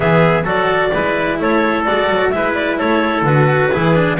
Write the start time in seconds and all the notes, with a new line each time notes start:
0.00 E3 B3 G#4 E5
0.44 F#3 F#4 A4 D5
0.93 G#3 E4 B4
1.39 A3 A4 C#5
1.85 G#3 F#4 D5
2.09 F#3
2.29 G#3 E4 B4 E5
2.54 D5
2.78 A3 A4 C#5
3.22 D3 F#4 B4
3.71 E3 E4 G#4
3.94 D4